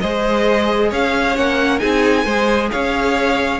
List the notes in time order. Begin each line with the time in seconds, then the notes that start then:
0.00 G#3 G#4 C5 D#5
0.90 C#4 C#5 F5
1.35 A#3 C#4 F#5
1.79 C4 D#4 G#4 G#5
2.24 G#3 G#4 C5
2.72 C#4 C#5 F5